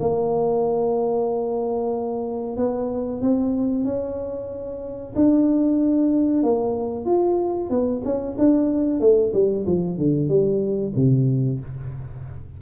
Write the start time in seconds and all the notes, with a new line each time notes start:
0.00 A#3
2.56 B3
3.21 C4
3.84 C#4
5.15 D4
6.43 A#3
7.05 F4
7.69 B3
8.04 C#4
8.38 D4
9.00 A3
9.33 G3
9.66 F3
9.97 D3
10.28 G3
10.95 C3